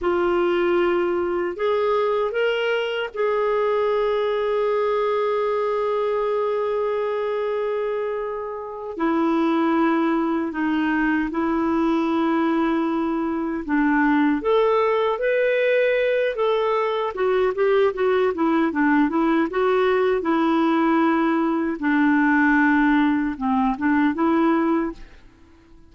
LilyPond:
\new Staff \with { instrumentName = "clarinet" } { \time 4/4 \tempo 4 = 77 f'2 gis'4 ais'4 | gis'1~ | gis'2.~ gis'8 e'8~ | e'4. dis'4 e'4.~ |
e'4. d'4 a'4 b'8~ | b'4 a'4 fis'8 g'8 fis'8 e'8 | d'8 e'8 fis'4 e'2 | d'2 c'8 d'8 e'4 | }